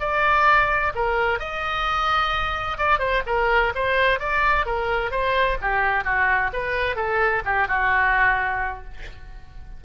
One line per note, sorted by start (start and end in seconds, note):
0.00 0.93 D5
0.95 1.40 A#4
1.40 2.78 D#5
2.78 2.99 D5
2.99 3.23 C5
3.27 3.73 A#4
3.75 4.20 C5
4.20 4.66 D5
4.66 5.11 A#4
5.11 5.58 C5
5.62 6.05 G4
6.05 6.51 F#4
6.53 6.96 B4
6.96 7.43 A4
7.45 7.68 G4
7.68 8.84 F#4